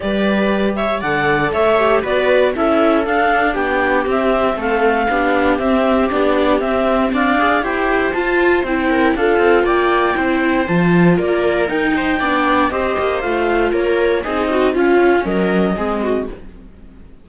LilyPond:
<<
  \new Staff \with { instrumentName = "clarinet" } { \time 4/4 \tempo 4 = 118 d''4. e''8 fis''4 e''4 | d''4 e''4 f''4 g''4 | e''4 f''2 e''4 | d''4 e''4 f''4 g''4 |
a''4 g''4 f''4 g''4~ | g''4 a''4 d''4 g''4~ | g''4 dis''4 f''4 cis''4 | dis''4 f''4 dis''2 | }
  \new Staff \with { instrumentName = "viola" } { \time 4/4 b'4. cis''8 d''4 cis''4 | b'4 a'2 g'4~ | g'4 a'4 g'2~ | g'2 d''4 c''4~ |
c''4. ais'8 a'4 d''4 | c''2 ais'4. c''8 | d''4 c''2 ais'4 | gis'8 fis'8 f'4 ais'4 gis'8 fis'8 | }
  \new Staff \with { instrumentName = "viola" } { \time 4/4 g'2 a'4. g'8 | fis'4 e'4 d'2 | c'2 d'4 c'4 | d'4 c'4. gis'8 g'4 |
f'4 e'4 f'2 | e'4 f'2 dis'4 | d'4 g'4 f'2 | dis'4 cis'2 c'4 | }
  \new Staff \with { instrumentName = "cello" } { \time 4/4 g2 d4 a4 | b4 cis'4 d'4 b4 | c'4 a4 b4 c'4 | b4 c'4 d'4 e'4 |
f'4 c'4 d'8 c'8 ais4 | c'4 f4 ais4 dis'4 | b4 c'8 ais8 a4 ais4 | c'4 cis'4 fis4 gis4 | }
>>